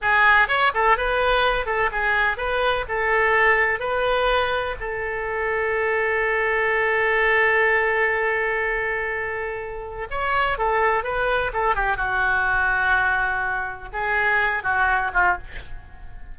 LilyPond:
\new Staff \with { instrumentName = "oboe" } { \time 4/4 \tempo 4 = 125 gis'4 cis''8 a'8 b'4. a'8 | gis'4 b'4 a'2 | b'2 a'2~ | a'1~ |
a'1~ | a'4 cis''4 a'4 b'4 | a'8 g'8 fis'2.~ | fis'4 gis'4. fis'4 f'8 | }